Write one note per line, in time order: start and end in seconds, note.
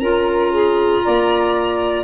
0.00 1.02 C#4
0.00 2.04 F4
0.00 0.51 A#4
0.00 2.03 A#5
0.51 1.02 G#4
1.04 2.04 A#3
1.04 2.04 D5